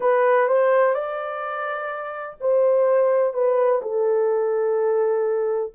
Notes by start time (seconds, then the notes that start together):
0.00 B4
0.48 C5
0.94 D5
2.40 C5
3.33 B4
3.82 A4